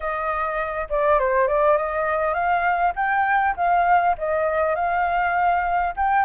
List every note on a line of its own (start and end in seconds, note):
0.00 0.87 D#5
0.89 1.19 D5
1.19 1.47 C5
1.47 1.77 D5
1.77 2.34 D#5
2.34 2.93 F5
2.95 3.55 G5
3.56 4.16 F5
4.17 4.75 D#5
4.75 5.94 F5
5.96 6.25 G5